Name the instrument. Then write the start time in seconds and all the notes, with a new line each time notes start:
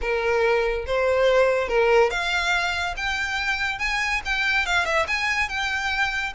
violin
0.01 A#4
0.86 C5
1.68 A#4
2.10 F5
2.97 G5
3.78 G#5
4.25 G5
4.66 F5
4.85 E5
5.07 G#5
5.48 G5